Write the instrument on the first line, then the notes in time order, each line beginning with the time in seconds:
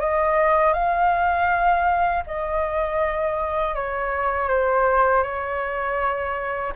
flute
0.00 D#5
0.74 F5
2.27 D#5
3.75 C#5
4.49 C5
5.23 C#5